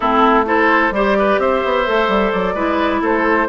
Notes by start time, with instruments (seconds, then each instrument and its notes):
0.00 bassoon A3, clarinet C4, oboe E4, flute A4
0.45 clarinet E4, oboe A4, flute C5
0.90 bassoon G3, clarinet G4, oboe C5, flute D5
1.18 oboe B4
1.38 bassoon C4, oboe C5, flute E5
1.64 bassoon B3
1.86 bassoon A3, clarinet A4
2.08 bassoon G3
2.31 bassoon F#3, flute D5
2.54 bassoon G#3, clarinet E4, oboe B4
3.01 bassoon A3, oboe A4, flute C5